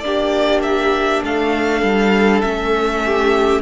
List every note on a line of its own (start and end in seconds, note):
0.00 1.22 A#3
0.00 2.43 D4
0.00 1.24 G4
0.00 0.60 D5
0.62 1.23 E5
1.24 1.83 A3
1.24 3.04 A4
1.24 2.41 F5
1.83 2.43 G3
2.41 3.62 A3
2.41 3.62 C#4
2.41 3.61 E5
3.06 3.62 G4